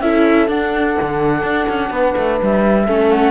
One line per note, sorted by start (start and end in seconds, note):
0.00 0.47 C#4
0.00 0.47 E4
0.00 1.91 A4
0.00 0.48 E5
0.47 0.95 D4
0.47 2.85 D4
0.47 2.39 F#5
1.01 1.42 D3
1.42 1.66 D4
1.68 1.90 C#4
1.90 2.14 B3
1.90 2.85 B4
2.17 2.40 A3
2.42 2.87 G3
2.42 3.11 E5
2.85 3.30 A3
2.85 3.30 C#4
2.85 3.30 A4
3.11 3.30 F#5